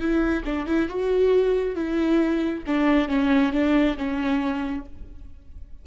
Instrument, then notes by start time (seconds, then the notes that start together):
viola
0.00 E4
0.45 D4
0.67 E4
0.89 F#4
1.76 E4
2.67 D4
3.09 C#4
3.53 D4
3.97 C#4